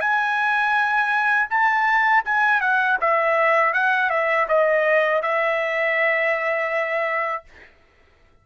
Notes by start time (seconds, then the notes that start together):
0.00 G#5
1.49 A5
2.25 G#5
2.61 F#5
3.01 E5
3.73 F#5
4.10 E5
4.48 D#5
5.22 E5